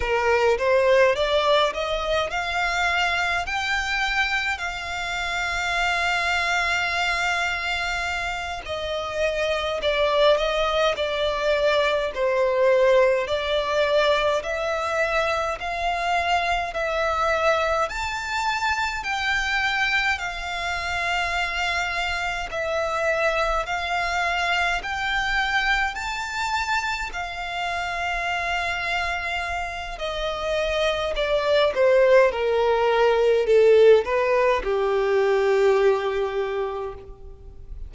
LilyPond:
\new Staff \with { instrumentName = "violin" } { \time 4/4 \tempo 4 = 52 ais'8 c''8 d''8 dis''8 f''4 g''4 | f''2.~ f''8 dis''8~ | dis''8 d''8 dis''8 d''4 c''4 d''8~ | d''8 e''4 f''4 e''4 a''8~ |
a''8 g''4 f''2 e''8~ | e''8 f''4 g''4 a''4 f''8~ | f''2 dis''4 d''8 c''8 | ais'4 a'8 b'8 g'2 | }